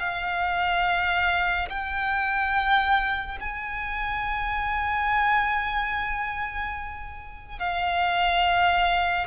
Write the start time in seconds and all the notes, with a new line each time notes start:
0.00 F5
1.69 G5
3.41 G#5
7.59 F5